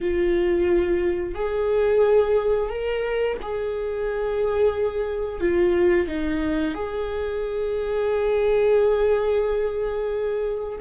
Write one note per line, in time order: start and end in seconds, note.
0.01 1.35 F4
1.35 2.69 G#4
2.69 3.37 A#4
3.42 5.40 G#4
5.40 6.07 F4
6.07 6.74 D#4
6.74 10.79 G#4